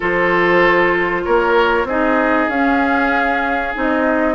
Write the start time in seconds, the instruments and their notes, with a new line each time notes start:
0.00 bassoon F3, clarinet F4, oboe A4, flute C5
1.24 bassoon A#3, oboe A#4, flute C#5
1.84 bassoon C4, clarinet D#4, oboe G#4, flute D#5
2.48 bassoon C#4, clarinet C#4, flute F5
3.74 bassoon C4, clarinet D#4
3.80 flute D#5